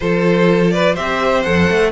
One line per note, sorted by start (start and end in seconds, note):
0.00 0.97 F3
0.00 0.96 F4
0.00 0.73 A4
0.00 0.71 C5
0.71 0.94 B4
0.71 0.95 D5
0.94 1.46 C4
0.94 1.44 G4
0.94 1.90 C5
0.94 1.43 E5
1.43 1.69 F2
1.43 1.91 A4
1.43 1.91 F#5
1.69 1.91 A3